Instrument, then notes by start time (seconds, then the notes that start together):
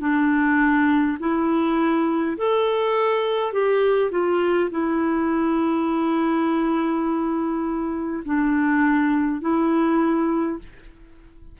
clarinet
0.00 D4
1.20 E4
2.37 A4
3.53 G4
4.11 F4
4.71 E4
8.25 D4
9.41 E4